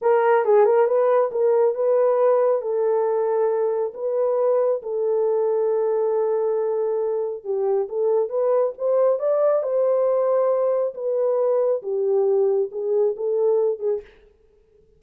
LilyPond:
\new Staff \with { instrumentName = "horn" } { \time 4/4 \tempo 4 = 137 ais'4 gis'8 ais'8 b'4 ais'4 | b'2 a'2~ | a'4 b'2 a'4~ | a'1~ |
a'4 g'4 a'4 b'4 | c''4 d''4 c''2~ | c''4 b'2 g'4~ | g'4 gis'4 a'4. gis'8 | }